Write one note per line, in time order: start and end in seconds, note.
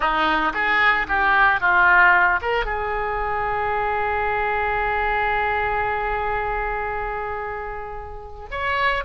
0.00 0.52 D#4
0.53 1.06 G#4
1.08 1.60 G4
1.60 2.40 F4
2.41 2.65 A#4
2.65 8.49 G#4
8.51 9.04 C#5